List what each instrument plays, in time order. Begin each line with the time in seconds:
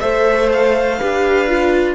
0.00 cello A3, viola A4, violin C5 E5
0.52 violin F5
0.99 cello D4, viola G4, violin B4
1.48 viola F4